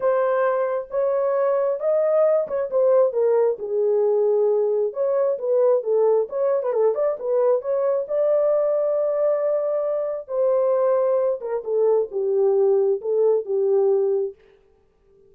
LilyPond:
\new Staff \with { instrumentName = "horn" } { \time 4/4 \tempo 4 = 134 c''2 cis''2 | dis''4. cis''8 c''4 ais'4 | gis'2. cis''4 | b'4 a'4 cis''8. b'16 a'8 d''8 |
b'4 cis''4 d''2~ | d''2. c''4~ | c''4. ais'8 a'4 g'4~ | g'4 a'4 g'2 | }